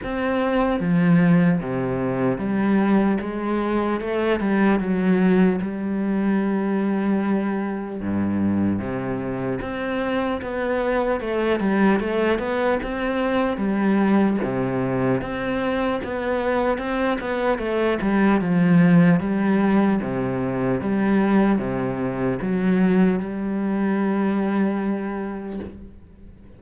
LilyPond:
\new Staff \with { instrumentName = "cello" } { \time 4/4 \tempo 4 = 75 c'4 f4 c4 g4 | gis4 a8 g8 fis4 g4~ | g2 g,4 c4 | c'4 b4 a8 g8 a8 b8 |
c'4 g4 c4 c'4 | b4 c'8 b8 a8 g8 f4 | g4 c4 g4 c4 | fis4 g2. | }